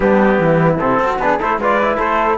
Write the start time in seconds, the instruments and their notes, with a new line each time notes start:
0.00 cello G3, trombone B3, flute D4, trumpet G4
0.38 cello E3, flute E4
0.79 cello C3, trombone C4, trumpet A4
0.99 cello C4, flute F#4
1.19 cello B3, trombone D4, flute G#4, trumpet B4
1.39 cello A3, trombone E4, flute A4, trumpet C5
1.57 cello G#3, trombone F4, flute B4, trumpet D5
1.81 trombone E4
1.97 cello A3, flute A4, trumpet C5